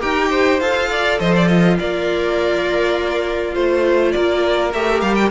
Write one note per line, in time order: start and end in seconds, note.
0.00 0.61 D#4
0.00 0.59 G4
0.00 0.29 A#4
0.00 0.60 G5
0.31 0.89 C5
0.60 1.20 F4
0.60 1.79 A4
0.60 1.19 F5
0.91 1.20 D5
1.20 1.79 F3
1.20 1.49 C5
1.20 1.34 D#5
1.36 1.48 D5
1.48 4.14 F4
1.48 1.77 D#5
1.79 3.56 A#3
1.79 3.54 A#4
1.79 3.55 D5
3.54 4.14 A3
3.54 4.72 F4
3.54 4.12 C5
4.12 4.74 A#3
4.12 5.31 A#4
4.12 4.71 D5
4.74 5.02 A3
4.74 5.31 G4
4.74 5.01 E5
5.01 5.31 G3
5.01 5.15 F5
5.15 5.29 G5